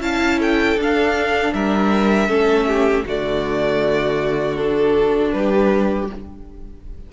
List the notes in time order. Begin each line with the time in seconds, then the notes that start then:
0.00 C#4 E4 F5 A5
0.39 A4 G5
0.76 D4 F5
1.53 G3 A#4 E5
2.28 A3 C#4 A4
2.67 G4
3.06 D3 A3 F#4 D5
4.56 D4 A4
5.32 G3 G4 B4